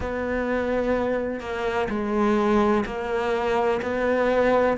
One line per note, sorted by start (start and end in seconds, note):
0.00 1.40 B3
1.40 1.88 A#3
1.89 2.84 G#3
2.85 3.81 A#3
3.82 4.77 B3